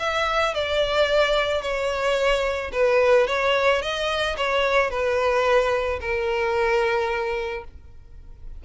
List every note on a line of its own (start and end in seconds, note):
0.00 0.55 E5
0.55 1.62 D5
1.62 2.71 C#5
2.73 3.27 B4
3.28 3.82 C#5
3.82 4.37 D#5
4.38 4.91 C#5
4.91 6.00 B4
6.01 7.65 A#4